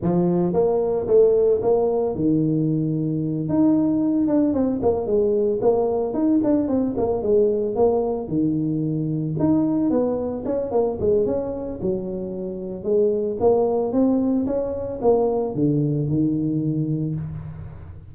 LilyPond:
\new Staff \with { instrumentName = "tuba" } { \time 4/4 \tempo 4 = 112 f4 ais4 a4 ais4 | dis2~ dis8 dis'4. | d'8 c'8 ais8 gis4 ais4 dis'8 | d'8 c'8 ais8 gis4 ais4 dis8~ |
dis4. dis'4 b4 cis'8 | ais8 gis8 cis'4 fis2 | gis4 ais4 c'4 cis'4 | ais4 d4 dis2 | }